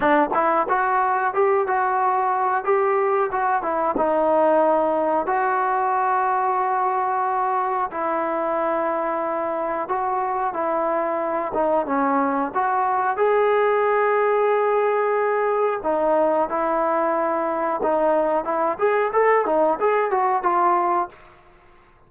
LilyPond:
\new Staff \with { instrumentName = "trombone" } { \time 4/4 \tempo 4 = 91 d'8 e'8 fis'4 g'8 fis'4. | g'4 fis'8 e'8 dis'2 | fis'1 | e'2. fis'4 |
e'4. dis'8 cis'4 fis'4 | gis'1 | dis'4 e'2 dis'4 | e'8 gis'8 a'8 dis'8 gis'8 fis'8 f'4 | }